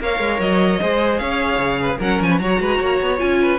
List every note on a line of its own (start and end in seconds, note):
0.00 0.20 A#3
0.00 0.81 A#4
0.00 0.81 C#5
0.00 0.40 F5
0.20 0.40 G#3
0.40 0.80 F#3
0.40 1.18 D#5
0.81 1.20 G#3
0.81 2.01 G#4
0.81 1.20 C5
1.18 1.59 C#4
1.18 1.80 C#5
1.18 1.98 F5
1.59 1.99 C#3
1.81 1.98 B4
1.98 2.20 F#3
1.98 2.41 C#4
1.98 2.28 A#4
1.98 2.22 F#5
2.21 2.40 F3
2.21 2.39 G#5
2.30 2.40 B4
2.39 2.60 F#3
2.39 3.18 F#4
2.39 2.61 C#5
2.39 3.19 A#5
2.60 2.80 G#3
2.60 2.78 B4
2.78 3.00 A#3
2.78 3.38 C#5
3.01 3.21 B3
3.18 3.59 C#4
3.18 3.58 F4
3.18 3.59 G#5
3.42 3.59 B4